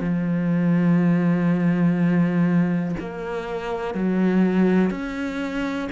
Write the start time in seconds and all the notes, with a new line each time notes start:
0.00 F3
3.00 A#3
3.94 F#3
4.90 C#4